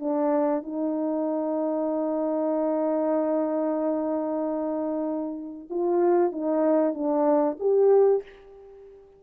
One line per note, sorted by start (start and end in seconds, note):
0.00 0.63 D4
0.63 5.68 D#4
5.70 6.32 F4
6.32 6.94 D#4
6.94 7.57 D4
7.60 8.23 G4